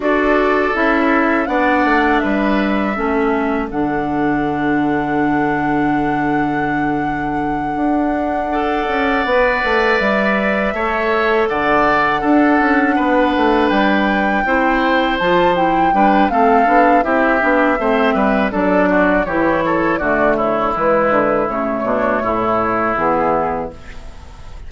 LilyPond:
<<
  \new Staff \with { instrumentName = "flute" } { \time 4/4 \tempo 4 = 81 d''4 e''4 fis''4 e''4~ | e''4 fis''2.~ | fis''1~ | fis''4. e''2 fis''8~ |
fis''2~ fis''8 g''4.~ | g''8 a''8 g''4 f''4 e''4~ | e''4 d''4 cis''4 d''8 cis''8 | b'4 cis''2 gis'4 | }
  \new Staff \with { instrumentName = "oboe" } { \time 4/4 a'2 d''4 b'4 | a'1~ | a'2.~ a'8 d''8~ | d''2~ d''8 cis''4 d''8~ |
d''8 a'4 b'2 c''8~ | c''4. b'8 a'4 g'4 | c''8 b'8 a'8 fis'8 g'8 a'8 fis'8 e'8~ | e'4. d'8 e'2 | }
  \new Staff \with { instrumentName = "clarinet" } { \time 4/4 fis'4 e'4 d'2 | cis'4 d'2.~ | d'2.~ d'8 a'8~ | a'8 b'2 a'4.~ |
a'8 d'2. e'8~ | e'8 f'8 e'8 d'8 c'8 d'8 e'8 d'8 | c'4 d'4 e'4 a4 | gis4 a2 b4 | }
  \new Staff \with { instrumentName = "bassoon" } { \time 4/4 d'4 cis'4 b8 a8 g4 | a4 d2.~ | d2~ d8 d'4. | cis'8 b8 a8 g4 a4 d8~ |
d8 d'8 cis'8 b8 a8 g4 c'8~ | c'8 f4 g8 a8 b8 c'8 b8 | a8 g8 fis4 e4 d4 | e8 d8 cis8 b,8 a,4 e4 | }
>>